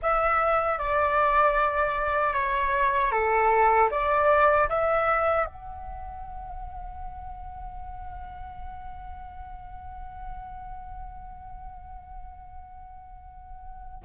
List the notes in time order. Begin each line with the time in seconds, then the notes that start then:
0.02 E5
0.78 D5
2.33 C#5
3.11 A4
3.91 D5
4.69 E5
5.45 F#5